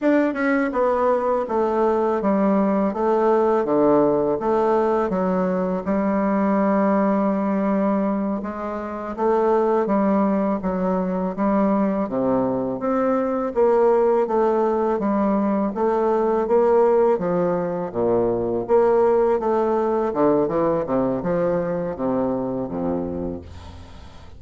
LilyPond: \new Staff \with { instrumentName = "bassoon" } { \time 4/4 \tempo 4 = 82 d'8 cis'8 b4 a4 g4 | a4 d4 a4 fis4 | g2.~ g8 gis8~ | gis8 a4 g4 fis4 g8~ |
g8 c4 c'4 ais4 a8~ | a8 g4 a4 ais4 f8~ | f8 ais,4 ais4 a4 d8 | e8 c8 f4 c4 f,4 | }